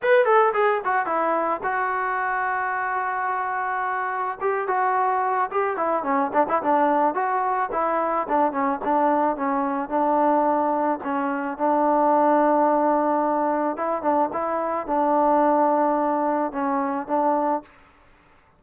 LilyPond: \new Staff \with { instrumentName = "trombone" } { \time 4/4 \tempo 4 = 109 b'8 a'8 gis'8 fis'8 e'4 fis'4~ | fis'1 | g'8 fis'4. g'8 e'8 cis'8 d'16 e'16 | d'4 fis'4 e'4 d'8 cis'8 |
d'4 cis'4 d'2 | cis'4 d'2.~ | d'4 e'8 d'8 e'4 d'4~ | d'2 cis'4 d'4 | }